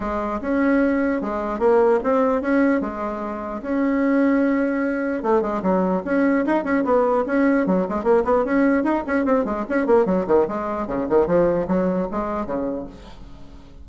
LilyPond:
\new Staff \with { instrumentName = "bassoon" } { \time 4/4 \tempo 4 = 149 gis4 cis'2 gis4 | ais4 c'4 cis'4 gis4~ | gis4 cis'2.~ | cis'4 a8 gis8 fis4 cis'4 |
dis'8 cis'8 b4 cis'4 fis8 gis8 | ais8 b8 cis'4 dis'8 cis'8 c'8 gis8 | cis'8 ais8 fis8 dis8 gis4 cis8 dis8 | f4 fis4 gis4 cis4 | }